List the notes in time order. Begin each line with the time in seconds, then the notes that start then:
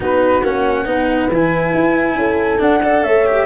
0.00 B3 D#4 F#4 B4
0.42 A#3 C#4 F#5
0.85 B3 D#4 B4
1.30 E3 E4 G#5
1.74 E4
2.15 C#4 A4
2.58 D4 F#5
2.83 A4 D5
3.02 A3 C#5 E5
3.26 G4